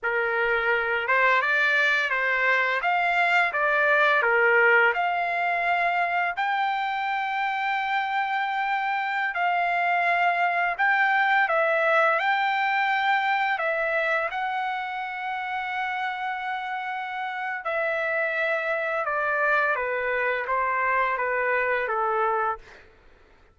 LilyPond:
\new Staff \with { instrumentName = "trumpet" } { \time 4/4 \tempo 4 = 85 ais'4. c''8 d''4 c''4 | f''4 d''4 ais'4 f''4~ | f''4 g''2.~ | g''4~ g''16 f''2 g''8.~ |
g''16 e''4 g''2 e''8.~ | e''16 fis''2.~ fis''8.~ | fis''4 e''2 d''4 | b'4 c''4 b'4 a'4 | }